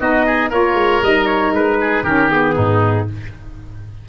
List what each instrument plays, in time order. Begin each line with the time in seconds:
0.00 tuba B3, saxophone D#4, oboe F#4, trumpet D#5
0.26 oboe G#4
0.50 tuba A#3, saxophone F4, oboe A#4, trumpet C#5
0.74 tuba G#3
1.02 tuba G3, saxophone D#4, trumpet D#5
1.27 trumpet C#5
1.51 tuba G#3, trumpet B4
1.81 oboe G#4
2.03 tuba D#3, saxophone C#4, oboe G4, trumpet A#4
2.30 saxophone B3, trumpet G#4
2.55 tuba G#2, oboe D#4